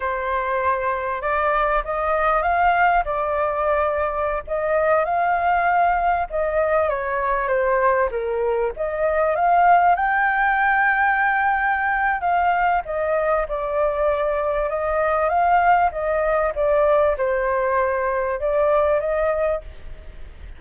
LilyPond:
\new Staff \with { instrumentName = "flute" } { \time 4/4 \tempo 4 = 98 c''2 d''4 dis''4 | f''4 d''2~ d''16 dis''8.~ | dis''16 f''2 dis''4 cis''8.~ | cis''16 c''4 ais'4 dis''4 f''8.~ |
f''16 g''2.~ g''8. | f''4 dis''4 d''2 | dis''4 f''4 dis''4 d''4 | c''2 d''4 dis''4 | }